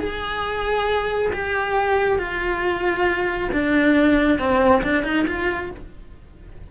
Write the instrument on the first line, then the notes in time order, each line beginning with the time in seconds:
cello
0.00 G#4
1.33 G4
2.19 F4
3.53 D4
4.39 C4
4.83 D4
5.04 D#4
5.27 F4